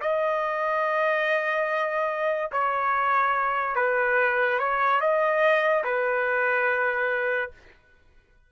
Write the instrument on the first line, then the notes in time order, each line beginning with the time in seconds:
trumpet
0.00 D#5
2.51 C#5
3.75 B4
4.59 C#5
5.00 D#5
5.84 B4